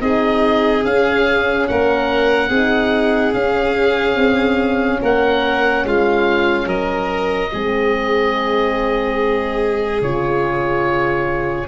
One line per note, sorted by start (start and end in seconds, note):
0.00 0.85 C4
0.00 0.83 D#4
0.00 1.70 G#4
0.00 0.85 D#5
0.85 1.69 C#4
0.85 2.52 C#4
0.85 1.68 F5
1.68 2.50 A#3
1.68 2.49 A#4
1.68 3.34 F#5
2.49 3.33 C4
2.49 3.33 D#4
2.49 4.99 G#4
3.33 7.50 C#4
3.33 4.17 C#4
3.33 5.01 F5
4.17 5.00 C4
5.02 5.85 A#3
5.02 5.85 A#4
5.02 5.87 F#5
5.85 6.66 G#3
5.85 6.67 F4
5.85 6.69 F5
6.66 7.50 F#3
6.66 7.50 A#4
6.66 10.02 D#5
7.54 10.02 G#3
7.54 10.04 C4
7.54 11.68 G#4
10.02 11.68 C#3
10.02 11.68 F4
10.02 11.68 C#5